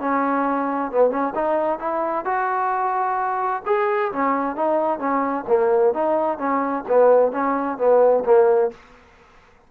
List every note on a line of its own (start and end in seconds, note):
0.00 0.92 C#4
0.92 1.11 B3
1.11 1.34 C#4
1.35 1.79 D#4
1.79 2.25 E4
2.25 3.63 F#4
3.66 4.12 G#4
4.13 4.56 C#4
4.56 4.99 D#4
4.99 5.45 C#4
5.48 5.94 A#3
5.94 6.38 D#4
6.38 6.84 C#4
6.88 7.32 B3
7.32 7.78 C#4
7.78 8.24 B3
8.25 8.71 A#3